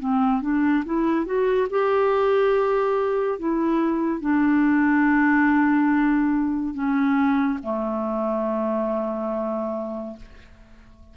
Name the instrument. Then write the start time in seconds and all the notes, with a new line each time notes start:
clarinet
0.00 C4
0.42 D4
0.86 E4
1.26 F#4
1.70 G4
3.39 E4
4.21 D4
6.75 C#4
7.63 A3